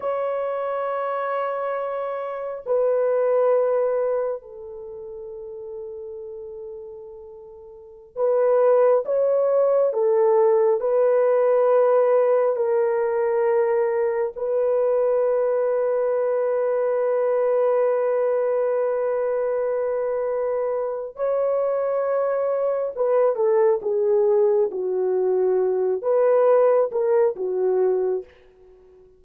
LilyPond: \new Staff \with { instrumentName = "horn" } { \time 4/4 \tempo 4 = 68 cis''2. b'4~ | b'4 a'2.~ | a'4~ a'16 b'4 cis''4 a'8.~ | a'16 b'2 ais'4.~ ais'16~ |
ais'16 b'2.~ b'8.~ | b'1 | cis''2 b'8 a'8 gis'4 | fis'4. b'4 ais'8 fis'4 | }